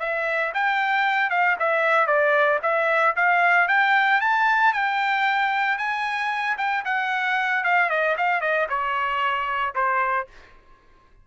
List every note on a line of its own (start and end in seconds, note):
0.00 0.53 E5
0.54 1.30 G5
1.30 1.57 F5
1.59 2.07 E5
2.07 2.60 D5
2.63 3.15 E5
3.16 3.68 F5
3.68 4.21 G5
4.21 4.73 A5
4.73 5.78 G5
5.78 6.57 G#5
6.58 6.84 G5
6.85 7.64 F#5
7.64 7.90 F5
7.90 8.16 D#5
8.17 8.41 F5
8.41 8.67 D#5
8.69 9.74 C#5
9.75 10.28 C5